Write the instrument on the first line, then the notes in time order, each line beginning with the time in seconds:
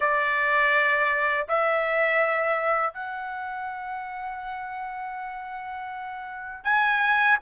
trumpet
0.00 D5
1.48 E5
2.93 F#5
6.63 G#5